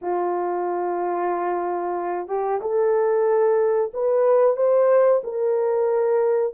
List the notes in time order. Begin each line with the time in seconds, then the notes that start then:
0.01 F4
2.27 G4
2.61 A4
3.93 B4
4.56 C5
5.24 A#4